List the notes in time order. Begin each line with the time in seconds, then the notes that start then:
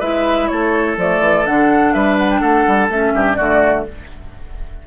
0.00 G#3 E4 B4 E5
0.48 A3 A4 C#5
0.97 F3 A3 D5
1.20 E3
1.46 D3 D4 F#5
1.93 G3 B4 E5
2.18 F#5
2.31 G5
2.40 A3 A4 F#5
2.67 G3
2.89 A3 C#4 E5
3.15 G2 G4
3.34 D3 A3 F#4 D5